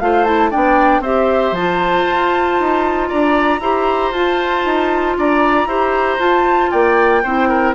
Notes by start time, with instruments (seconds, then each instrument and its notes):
0.00 bassoon A3, clarinet F4, oboe C5, flute F5
0.25 clarinet E4, flute A5
0.51 bassoon B3, clarinet D4, oboe D5, flute G5
1.00 bassoon C4, clarinet G4, oboe C5, flute E5
1.52 bassoon F3, clarinet F4, flute A5
2.09 bassoon F4
2.59 bassoon D#4
3.08 bassoon D4, oboe D5, flute A#5
3.60 bassoon E4, clarinet G4, oboe C5
4.11 bassoon F4, clarinet F4, flute A5
4.64 bassoon D#4
5.18 bassoon D4, oboe D5, flute A#5
5.66 bassoon E4, clarinet G4, oboe C5
6.19 bassoon F4, clarinet F4, flute A5
6.71 bassoon A#3, oboe D5, flute G5
7.23 bassoon C4, clarinet E4, oboe C5
7.49 oboe A#4